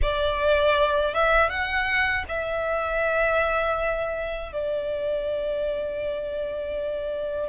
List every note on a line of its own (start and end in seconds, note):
0.02 1.14 D5
1.14 1.49 E5
1.49 2.24 F#5
2.28 4.52 E5
4.52 7.48 D5